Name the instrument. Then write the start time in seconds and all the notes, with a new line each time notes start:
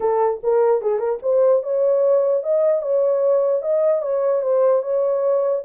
horn
0.00 A4
0.43 A#4
0.81 G#4
0.98 A#4
1.22 C5
1.62 C#5
2.43 D#5
2.82 C#5
3.61 D#5
4.02 C#5
4.42 C5
4.82 C#5